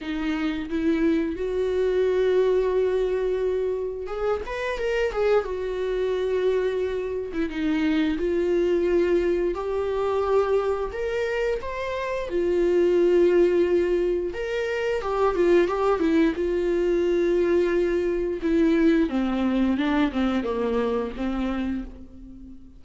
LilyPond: \new Staff \with { instrumentName = "viola" } { \time 4/4 \tempo 4 = 88 dis'4 e'4 fis'2~ | fis'2 gis'8 b'8 ais'8 gis'8 | fis'2~ fis'8. e'16 dis'4 | f'2 g'2 |
ais'4 c''4 f'2~ | f'4 ais'4 g'8 f'8 g'8 e'8 | f'2. e'4 | c'4 d'8 c'8 ais4 c'4 | }